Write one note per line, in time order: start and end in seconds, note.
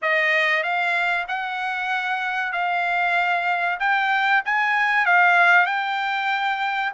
0.01 0.63 D#5
0.63 1.26 F5
1.27 2.52 F#5
2.52 3.78 F5
3.79 4.42 G5
4.45 5.05 G#5
5.05 5.66 F5
5.66 6.92 G5